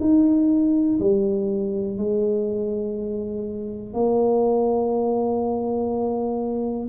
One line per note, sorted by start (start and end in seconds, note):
0.00 0.98 D#4
0.99 1.98 G3
1.98 3.93 G#3
3.93 6.89 A#3